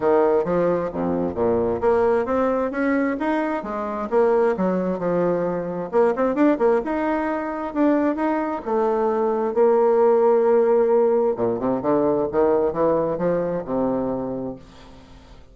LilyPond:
\new Staff \with { instrumentName = "bassoon" } { \time 4/4 \tempo 4 = 132 dis4 f4 f,4 ais,4 | ais4 c'4 cis'4 dis'4 | gis4 ais4 fis4 f4~ | f4 ais8 c'8 d'8 ais8 dis'4~ |
dis'4 d'4 dis'4 a4~ | a4 ais2.~ | ais4 ais,8 c8 d4 dis4 | e4 f4 c2 | }